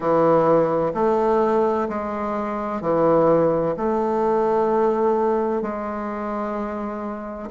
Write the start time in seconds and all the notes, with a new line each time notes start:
0.00 E3
0.94 A3
1.88 G#3
2.81 E3
3.76 A3
5.62 G#3